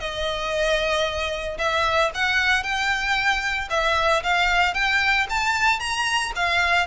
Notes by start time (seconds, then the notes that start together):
0.00 D#5
1.58 E5
2.15 F#5
2.63 G5
3.70 E5
4.23 F5
4.74 G5
5.30 A5
5.80 A#5
6.36 F5